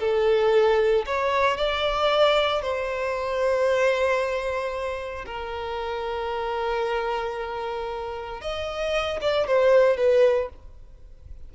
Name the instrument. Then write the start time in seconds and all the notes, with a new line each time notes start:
violin
0.00 A4
1.06 C#5
1.57 D5
2.62 C5
5.26 A#4
8.41 D#5
9.22 D5
9.47 C5
9.97 B4